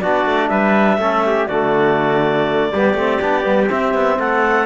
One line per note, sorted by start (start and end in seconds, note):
0.00 0.25 B3
0.00 1.00 D4
0.00 0.49 F#4
0.00 0.49 D5
0.25 0.50 A3
0.49 0.98 G3
0.49 0.99 B4
0.49 1.46 E5
0.98 1.47 A3
0.98 1.49 C#4
0.98 1.25 A4
1.26 1.48 G4
1.46 2.73 D3
1.46 2.73 A3
1.46 2.71 F#4
1.46 3.68 D5
2.72 2.94 G3
2.72 2.97 B3
2.72 4.19 G4
2.94 3.18 A3
2.94 3.22 C4
3.21 3.45 B3
3.21 3.42 D4
3.42 3.70 G3
3.42 3.67 B3
3.68 4.66 C4
3.68 3.94 C4
3.68 4.20 E5
3.94 4.18 B3
4.19 4.66 A3
4.19 4.66 A4
4.19 4.66 F#5